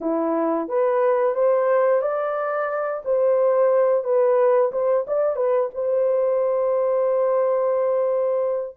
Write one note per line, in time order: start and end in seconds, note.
0.01 0.68 E4
0.68 1.34 B4
1.34 2.01 C5
2.01 3.02 D5
3.04 4.04 C5
4.04 4.71 B4
4.72 5.05 C5
5.07 5.36 D5
5.36 5.69 B4
5.74 8.76 C5